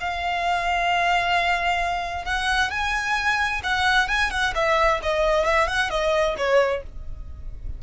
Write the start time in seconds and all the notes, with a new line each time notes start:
0.00 F5
2.25 F#5
2.71 G#5
3.64 F#5
4.08 G#5
4.31 F#5
4.55 E5
5.03 D#5
5.45 E5
5.68 F#5
5.90 D#5
6.37 C#5